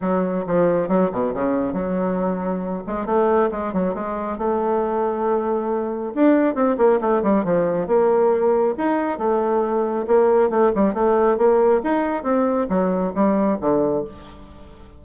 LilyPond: \new Staff \with { instrumentName = "bassoon" } { \time 4/4 \tempo 4 = 137 fis4 f4 fis8 b,8 cis4 | fis2~ fis8 gis8 a4 | gis8 fis8 gis4 a2~ | a2 d'4 c'8 ais8 |
a8 g8 f4 ais2 | dis'4 a2 ais4 | a8 g8 a4 ais4 dis'4 | c'4 fis4 g4 d4 | }